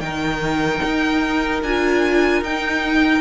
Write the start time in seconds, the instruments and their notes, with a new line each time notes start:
0.00 cello D#3, viola D#4, violin A#4 G5
0.84 cello D#4
1.63 cello D4, viola F4, violin G#5
2.42 cello D#4, viola D#4, violin G5